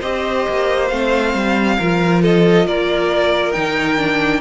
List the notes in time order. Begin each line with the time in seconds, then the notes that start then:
0.00 C4 G4 C5 D#5
0.49 A#3
0.88 A3 C4 F5
1.34 G3
1.78 F3 F4 A#4
2.22 A4 D#5
2.66 A#3 A#4 D5
3.52 D#3 D#4 G5
3.97 D4